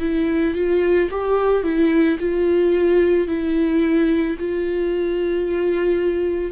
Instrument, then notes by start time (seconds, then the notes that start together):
viola
0.00 E4
0.55 F4
1.11 G4
1.63 E4
2.19 F4
3.27 E4
4.39 F4